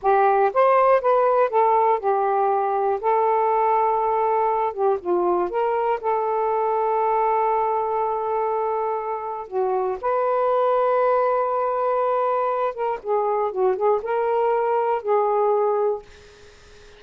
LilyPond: \new Staff \with { instrumentName = "saxophone" } { \time 4/4 \tempo 4 = 120 g'4 c''4 b'4 a'4 | g'2 a'2~ | a'4. g'8 f'4 ais'4 | a'1~ |
a'2. fis'4 | b'1~ | b'4. ais'8 gis'4 fis'8 gis'8 | ais'2 gis'2 | }